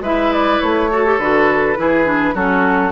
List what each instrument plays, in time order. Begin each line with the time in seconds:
0.00 bassoon G#3, clarinet E4, oboe B4, flute E5
0.32 flute D5
0.60 bassoon A3, flute C#5
0.91 clarinet F#4, oboe A4
1.05 clarinet G4
1.18 bassoon D3, clarinet F#4, flute B4
1.76 bassoon E3, clarinet E4, oboe G#4
2.05 clarinet D4
2.34 bassoon F#3, clarinet C#4, oboe F#4, flute A4